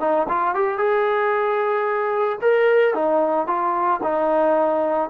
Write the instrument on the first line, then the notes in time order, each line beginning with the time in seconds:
trombone
0.00 D#4
0.29 F4
0.55 G4
0.78 G#4
2.42 A#4
2.94 D#4
3.47 F4
4.03 D#4